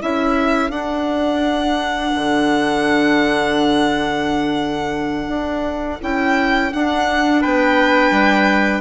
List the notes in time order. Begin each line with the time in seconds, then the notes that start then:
0.00 C#4 E4 A4 E5
0.70 D4 F#5
2.15 D3
5.28 D4
6.01 C#4 E4 G5
6.73 D4 F#5
7.41 B3 B4 G5
8.11 G3